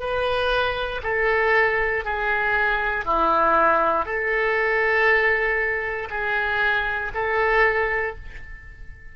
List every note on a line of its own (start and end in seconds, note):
0.00 1.02 B4
1.04 2.05 A4
2.05 3.06 G#4
3.06 4.06 E4
4.06 6.09 A4
6.11 7.12 G#4
7.15 8.16 A4